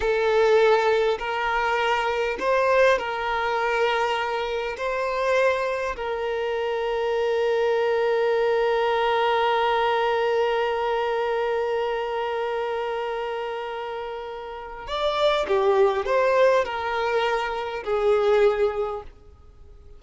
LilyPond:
\new Staff \with { instrumentName = "violin" } { \time 4/4 \tempo 4 = 101 a'2 ais'2 | c''4 ais'2. | c''2 ais'2~ | ais'1~ |
ais'1~ | ais'1~ | ais'4 d''4 g'4 c''4 | ais'2 gis'2 | }